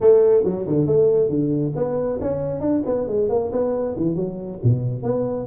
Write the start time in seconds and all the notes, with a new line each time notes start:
0.01 A3
0.44 F#3
0.66 D3
0.86 A3
1.29 D3
1.75 B3
2.21 C#4
2.60 D4
2.85 B3
3.07 G#3
3.29 A#3
3.52 B3
3.96 E3
4.15 F#3
4.63 B2
5.02 B3